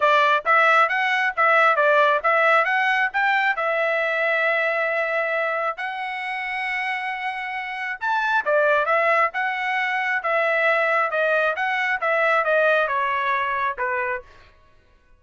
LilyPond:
\new Staff \with { instrumentName = "trumpet" } { \time 4/4 \tempo 4 = 135 d''4 e''4 fis''4 e''4 | d''4 e''4 fis''4 g''4 | e''1~ | e''4 fis''2.~ |
fis''2 a''4 d''4 | e''4 fis''2 e''4~ | e''4 dis''4 fis''4 e''4 | dis''4 cis''2 b'4 | }